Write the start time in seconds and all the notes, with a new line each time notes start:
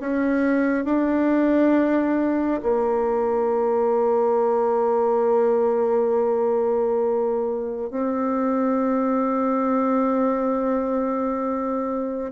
0.00 C#4
0.85 D4
2.62 A#3
7.91 C4